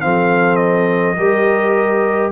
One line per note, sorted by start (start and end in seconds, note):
0.00 1.17 F3
0.00 1.15 C4
0.00 1.17 A4
0.00 0.56 F5
0.56 2.29 D#5
1.16 2.31 G3
1.16 2.31 G4
1.16 2.31 A#4